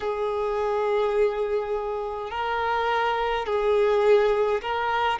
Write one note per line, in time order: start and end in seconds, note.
0.00 2.30 G#4
2.31 3.46 A#4
3.46 4.61 G#4
4.62 5.19 A#4